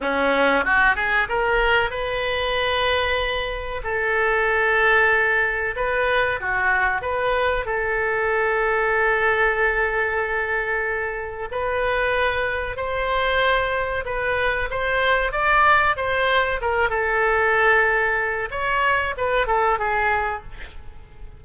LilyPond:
\new Staff \with { instrumentName = "oboe" } { \time 4/4 \tempo 4 = 94 cis'4 fis'8 gis'8 ais'4 b'4~ | b'2 a'2~ | a'4 b'4 fis'4 b'4 | a'1~ |
a'2 b'2 | c''2 b'4 c''4 | d''4 c''4 ais'8 a'4.~ | a'4 cis''4 b'8 a'8 gis'4 | }